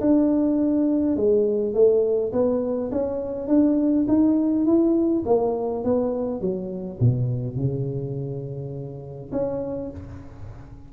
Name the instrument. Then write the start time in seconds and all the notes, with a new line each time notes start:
tuba
0.00 D4
1.17 G#3
1.74 A3
2.32 B3
2.91 C#4
3.47 D4
4.08 D#4
4.65 E4
5.26 A#3
5.84 B3
6.41 F#3
7.00 B2
7.56 C#3
9.32 C#4